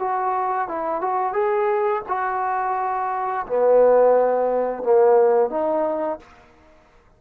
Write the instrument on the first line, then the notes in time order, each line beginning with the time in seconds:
trombone
0.00 F#4
0.69 E4
1.01 F#4
1.34 G#4
2.09 F#4
3.47 B3
4.83 A#3
5.50 D#4